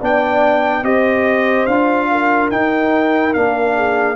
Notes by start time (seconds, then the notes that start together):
0.00 B3 D4 D5 G5
0.83 C4 G4 C5 D#5
1.66 D4 F4 F5
2.11 A#4
2.50 D#4 G5
3.34 A#3 D4 F5
3.75 G#4